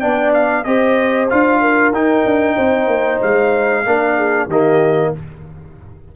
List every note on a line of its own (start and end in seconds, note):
0.00 0.65 B3
0.00 0.64 D4
0.00 0.65 D5
0.00 0.32 G5
0.34 0.64 F5
0.64 1.29 C4
0.64 1.28 G4
0.64 1.61 C5
0.64 1.28 D#5
1.29 1.92 D4
1.29 1.93 F4
1.29 1.93 F5
1.61 2.56 A#4
1.92 2.24 D#4
1.92 3.85 D#4
1.92 3.21 G5
2.25 2.57 D4
2.56 2.87 C4
2.56 3.83 C5
2.87 3.19 A#3
3.22 3.85 G#3
3.22 4.49 F5
3.85 4.47 A#3
3.85 4.49 D4
3.85 4.16 A#4
4.16 4.48 G#4
4.47 5.11 D#3
4.47 5.15 A#3
4.47 5.11 G4
4.47 5.14 D#5